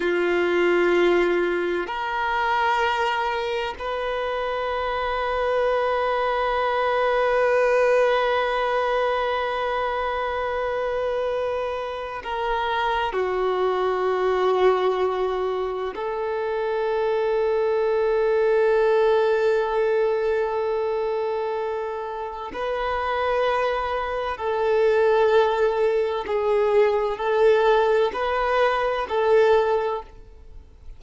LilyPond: \new Staff \with { instrumentName = "violin" } { \time 4/4 \tempo 4 = 64 f'2 ais'2 | b'1~ | b'1~ | b'4 ais'4 fis'2~ |
fis'4 a'2.~ | a'1 | b'2 a'2 | gis'4 a'4 b'4 a'4 | }